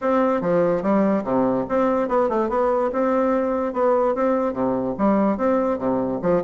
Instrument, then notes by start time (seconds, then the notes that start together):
bassoon
0.01 C4
0.41 F3
0.82 G3
1.24 C3
1.69 C4
2.08 B3
2.29 A3
2.49 B3
2.92 C4
3.73 B3
4.15 C4
4.53 C3
4.97 G3
5.37 C4
5.78 C3
6.22 F3